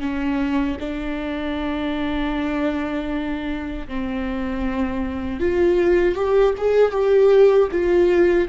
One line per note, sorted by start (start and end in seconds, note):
0.00 0.77 C#4
0.79 3.87 D4
3.88 5.40 C4
5.40 6.15 F4
6.15 6.54 G4
6.58 6.92 G#4
6.92 7.69 G4
7.72 8.49 F4